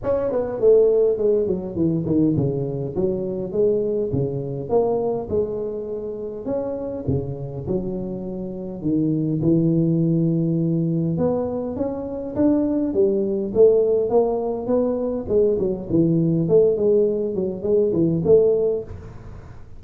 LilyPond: \new Staff \with { instrumentName = "tuba" } { \time 4/4 \tempo 4 = 102 cis'8 b8 a4 gis8 fis8 e8 dis8 | cis4 fis4 gis4 cis4 | ais4 gis2 cis'4 | cis4 fis2 dis4 |
e2. b4 | cis'4 d'4 g4 a4 | ais4 b4 gis8 fis8 e4 | a8 gis4 fis8 gis8 e8 a4 | }